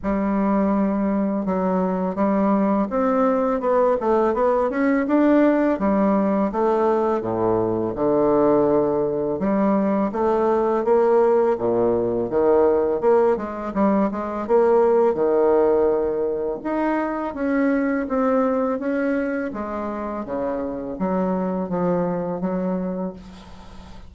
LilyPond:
\new Staff \with { instrumentName = "bassoon" } { \time 4/4 \tempo 4 = 83 g2 fis4 g4 | c'4 b8 a8 b8 cis'8 d'4 | g4 a4 a,4 d4~ | d4 g4 a4 ais4 |
ais,4 dis4 ais8 gis8 g8 gis8 | ais4 dis2 dis'4 | cis'4 c'4 cis'4 gis4 | cis4 fis4 f4 fis4 | }